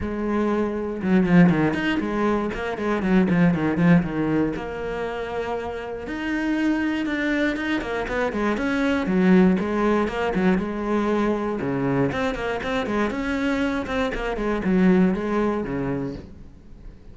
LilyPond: \new Staff \with { instrumentName = "cello" } { \time 4/4 \tempo 4 = 119 gis2 fis8 f8 dis8 dis'8 | gis4 ais8 gis8 fis8 f8 dis8 f8 | dis4 ais2. | dis'2 d'4 dis'8 ais8 |
b8 gis8 cis'4 fis4 gis4 | ais8 fis8 gis2 cis4 | c'8 ais8 c'8 gis8 cis'4. c'8 | ais8 gis8 fis4 gis4 cis4 | }